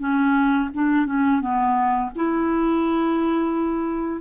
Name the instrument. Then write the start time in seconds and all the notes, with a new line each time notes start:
clarinet
0.00 C#4
0.74 D4
1.07 C#4
1.41 B3
2.16 E4